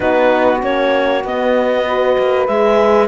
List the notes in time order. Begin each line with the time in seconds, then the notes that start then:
0.00 B3 D#4 F#4 B4
0.61 A#3 C#4 C#5
1.24 B3 D#5
1.86 F#4 B4
2.18 A#3
2.46 G#3 G#4 E5